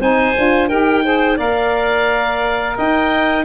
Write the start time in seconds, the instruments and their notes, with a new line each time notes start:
0.00 tuba C4, saxophone D#4, clarinet C5, oboe G#5
0.36 tuba D4, saxophone F4
0.69 tuba D#4, saxophone G4, clarinet A#4, oboe G5
1.03 saxophone G#4, clarinet C5
1.37 tuba A#3, saxophone A#4, clarinet D5, oboe F5
2.77 tuba D#4, clarinet D#5, oboe G5